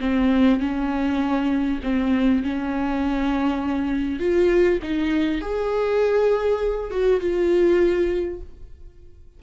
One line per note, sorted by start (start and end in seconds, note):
0.00 0.60 C4
0.60 1.80 C#4
1.83 2.43 C4
2.43 4.20 C#4
4.20 4.80 F4
4.82 5.41 D#4
5.41 6.91 G#4
6.91 7.20 F#4
7.20 8.40 F4